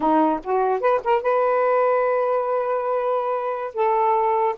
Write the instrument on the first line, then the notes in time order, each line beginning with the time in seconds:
saxophone
0.00 D#4
0.43 F#4
0.80 B4
1.04 A#4
1.21 B4
3.74 A4